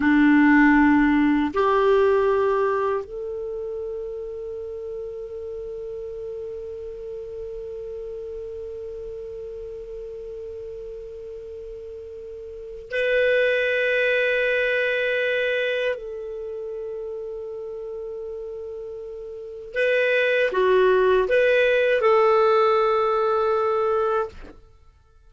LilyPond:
\new Staff \with { instrumentName = "clarinet" } { \time 4/4 \tempo 4 = 79 d'2 g'2 | a'1~ | a'1~ | a'1~ |
a'4 b'2.~ | b'4 a'2.~ | a'2 b'4 fis'4 | b'4 a'2. | }